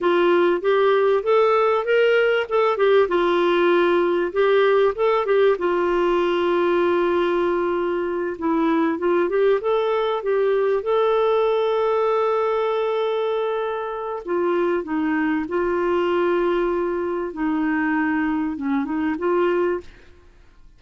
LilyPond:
\new Staff \with { instrumentName = "clarinet" } { \time 4/4 \tempo 4 = 97 f'4 g'4 a'4 ais'4 | a'8 g'8 f'2 g'4 | a'8 g'8 f'2.~ | f'4. e'4 f'8 g'8 a'8~ |
a'8 g'4 a'2~ a'8~ | a'2. f'4 | dis'4 f'2. | dis'2 cis'8 dis'8 f'4 | }